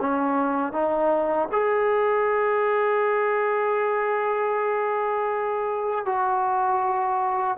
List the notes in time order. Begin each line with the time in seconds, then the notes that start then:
0.00 C#4
0.72 D#4
1.52 G#4
6.05 F#4